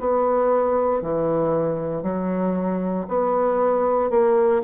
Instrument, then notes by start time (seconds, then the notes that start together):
bassoon
0.00 B3
1.02 E3
2.03 F#3
3.08 B3
4.10 A#3